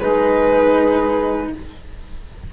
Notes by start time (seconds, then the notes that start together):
0.00 G#3 D#4 G#4 B4